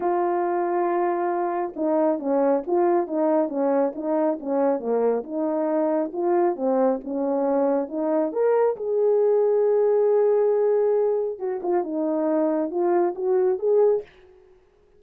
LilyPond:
\new Staff \with { instrumentName = "horn" } { \time 4/4 \tempo 4 = 137 f'1 | dis'4 cis'4 f'4 dis'4 | cis'4 dis'4 cis'4 ais4 | dis'2 f'4 c'4 |
cis'2 dis'4 ais'4 | gis'1~ | gis'2 fis'8 f'8 dis'4~ | dis'4 f'4 fis'4 gis'4 | }